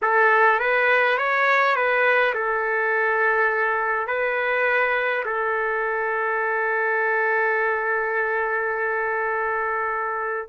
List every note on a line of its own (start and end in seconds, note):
0.02 0.59 A4
0.59 1.17 B4
1.17 1.75 C#5
1.75 2.33 B4
2.34 4.07 A4
4.07 5.23 B4
5.25 10.48 A4